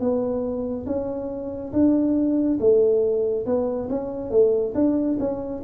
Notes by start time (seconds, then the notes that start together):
0.00 B3
0.87 C#4
1.73 D4
2.60 A3
3.46 B3
3.90 C#4
4.31 A3
4.75 D4
5.20 C#4